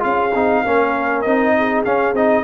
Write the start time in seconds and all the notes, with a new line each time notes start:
0.00 C#4 F4 G#4 F5
0.35 C4 D#4
0.65 A#3 C#4 A#4
1.22 C4 D#4 D#5
1.58 G#4
1.85 C#4 F5
2.14 C4 D#4 D#5